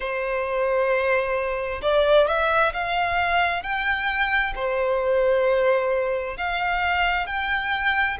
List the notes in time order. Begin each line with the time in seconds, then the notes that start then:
0.00 C5
1.82 D5
2.27 E5
2.73 F5
3.62 G5
4.55 C5
6.37 F5
7.26 G5